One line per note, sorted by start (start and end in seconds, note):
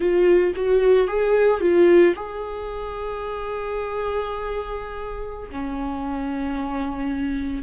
0.00 0.53 F4
0.55 1.07 F#4
1.07 1.60 G#4
1.60 2.14 F4
2.15 5.50 G#4
5.51 7.62 C#4